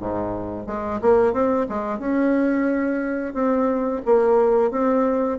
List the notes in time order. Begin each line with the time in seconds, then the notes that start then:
0.00 G#2
0.67 G#3
1.02 A#3
1.34 C4
1.69 G#3
1.99 C#4
3.34 C4
4.06 A#3
4.72 C4